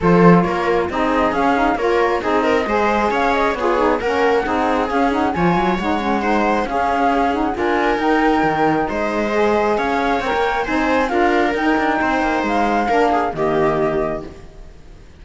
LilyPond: <<
  \new Staff \with { instrumentName = "flute" } { \time 4/4 \tempo 4 = 135 c''4 cis''4 dis''4 f''4 | cis''4 dis''2 f''8 dis''8 | cis''4 fis''2 f''8 fis''8 | gis''4 fis''2 f''4~ |
f''8 fis''8 gis''4 g''2 | dis''2 f''4 g''4 | gis''4 f''4 g''2 | f''2 dis''2 | }
  \new Staff \with { instrumentName = "viola" } { \time 4/4 a'4 ais'4 gis'2 | ais'4 gis'8 ais'8 c''4 cis''4 | gis'4 ais'4 gis'2 | cis''2 c''4 gis'4~ |
gis'4 ais'2. | c''2 cis''2 | c''4 ais'2 c''4~ | c''4 ais'8 gis'8 g'2 | }
  \new Staff \with { instrumentName = "saxophone" } { \time 4/4 f'2 dis'4 cis'8 dis'8 | f'4 dis'4 gis'2 | f'8 dis'8 cis'4 dis'4 cis'8 dis'8 | f'4 dis'8 cis'8 dis'4 cis'4~ |
cis'8 dis'8 f'4 dis'2~ | dis'4 gis'2 ais'4 | dis'4 f'4 dis'2~ | dis'4 d'4 ais2 | }
  \new Staff \with { instrumentName = "cello" } { \time 4/4 f4 ais4 c'4 cis'4 | ais4 c'4 gis4 cis'4 | b4 ais4 c'4 cis'4 | f8 fis8 gis2 cis'4~ |
cis'4 d'4 dis'4 dis4 | gis2 cis'4 c'16 ais8. | c'4 d'4 dis'8 d'8 c'8 ais8 | gis4 ais4 dis2 | }
>>